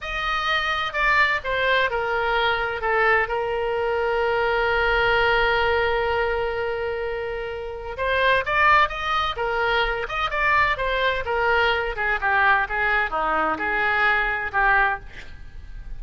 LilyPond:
\new Staff \with { instrumentName = "oboe" } { \time 4/4 \tempo 4 = 128 dis''2 d''4 c''4 | ais'2 a'4 ais'4~ | ais'1~ | ais'1~ |
ais'4 c''4 d''4 dis''4 | ais'4. dis''8 d''4 c''4 | ais'4. gis'8 g'4 gis'4 | dis'4 gis'2 g'4 | }